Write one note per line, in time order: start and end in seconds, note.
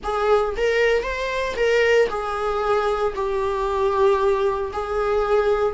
0.03 0.55 G#4
0.56 1.02 A#4
1.02 1.54 C5
1.56 2.08 A#4
2.09 3.13 G#4
3.15 4.71 G4
4.72 5.74 G#4